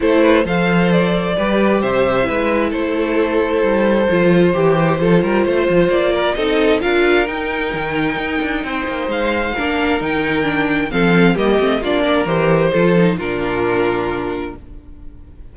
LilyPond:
<<
  \new Staff \with { instrumentName = "violin" } { \time 4/4 \tempo 4 = 132 c''4 f''4 d''2 | e''2 c''2~ | c''1~ | c''4 d''4 dis''4 f''4 |
g''1 | f''2 g''2 | f''4 dis''4 d''4 c''4~ | c''4 ais'2. | }
  \new Staff \with { instrumentName = "violin" } { \time 4/4 a'8 b'8 c''2 b'4 | c''4 b'4 a'2~ | a'2 g'4 a'8 ais'8 | c''4. ais'8 a'4 ais'4~ |
ais'2. c''4~ | c''4 ais'2. | a'4 g'4 f'8 ais'4. | a'4 f'2. | }
  \new Staff \with { instrumentName = "viola" } { \time 4/4 e'4 a'2 g'4~ | g'4 e'2.~ | e'4 f'4 g'4 f'4~ | f'2 dis'4 f'4 |
dis'1~ | dis'4 d'4 dis'4 d'4 | c'4 ais8 c'8 d'4 g'4 | f'8 dis'8 d'2. | }
  \new Staff \with { instrumentName = "cello" } { \time 4/4 a4 f2 g4 | c4 gis4 a2 | g4 f4 e4 f8 g8 | a8 f8 ais4 c'4 d'4 |
dis'4 dis4 dis'8 d'8 c'8 ais8 | gis4 ais4 dis2 | f4 g8 a8 ais4 e4 | f4 ais,2. | }
>>